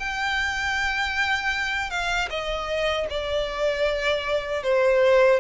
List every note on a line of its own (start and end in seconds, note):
0.00 1.91 G5
1.91 2.29 F5
2.30 3.07 D#5
3.10 4.64 D5
4.64 5.41 C5